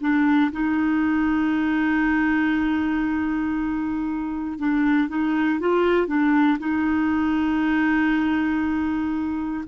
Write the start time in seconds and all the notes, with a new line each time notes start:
0.00 D4
0.52 D#4
4.59 D4
5.09 D#4
5.60 F4
6.07 D4
6.59 D#4